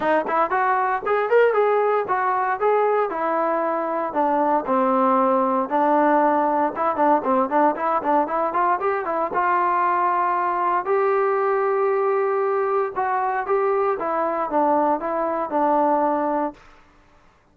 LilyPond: \new Staff \with { instrumentName = "trombone" } { \time 4/4 \tempo 4 = 116 dis'8 e'8 fis'4 gis'8 ais'8 gis'4 | fis'4 gis'4 e'2 | d'4 c'2 d'4~ | d'4 e'8 d'8 c'8 d'8 e'8 d'8 |
e'8 f'8 g'8 e'8 f'2~ | f'4 g'2.~ | g'4 fis'4 g'4 e'4 | d'4 e'4 d'2 | }